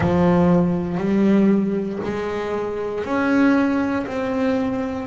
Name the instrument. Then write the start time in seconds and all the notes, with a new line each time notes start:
double bass
0.00 F3
0.97 G3
2.03 G#3
3.04 C#4
4.06 C4